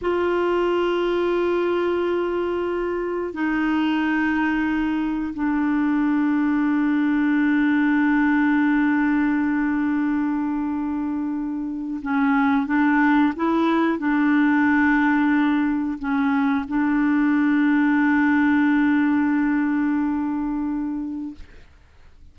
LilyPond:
\new Staff \with { instrumentName = "clarinet" } { \time 4/4 \tempo 4 = 90 f'1~ | f'4 dis'2. | d'1~ | d'1~ |
d'2 cis'4 d'4 | e'4 d'2. | cis'4 d'2.~ | d'1 | }